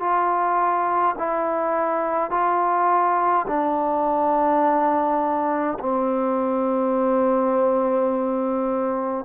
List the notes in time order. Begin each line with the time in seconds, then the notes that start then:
0.00 F4
1.19 E4
2.30 F4
3.47 D4
5.79 C4